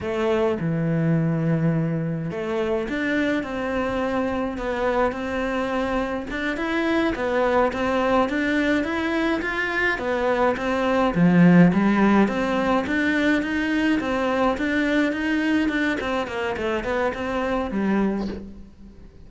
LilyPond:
\new Staff \with { instrumentName = "cello" } { \time 4/4 \tempo 4 = 105 a4 e2. | a4 d'4 c'2 | b4 c'2 d'8 e'8~ | e'8 b4 c'4 d'4 e'8~ |
e'8 f'4 b4 c'4 f8~ | f8 g4 c'4 d'4 dis'8~ | dis'8 c'4 d'4 dis'4 d'8 | c'8 ais8 a8 b8 c'4 g4 | }